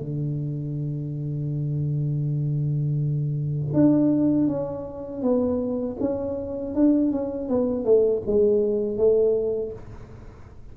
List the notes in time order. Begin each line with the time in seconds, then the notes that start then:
0.00 D3
3.74 D4
4.48 C#4
5.22 B3
6.00 C#4
6.75 D4
7.12 C#4
7.49 B3
7.85 A3
8.27 G#3
8.98 A3